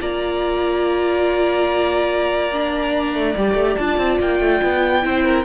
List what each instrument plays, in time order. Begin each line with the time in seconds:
0.00 cello A#3, viola F4, violin D5 A#5
2.53 viola D4
3.14 cello A3
3.37 cello G3, viola G4
3.55 cello A3
3.76 cello D4, viola F4, violin A5
3.98 cello C4
4.20 cello A#3, violin G5
4.40 cello A3
4.64 cello B3
5.02 cello C4, viola E4, violin C5
5.25 violin A#4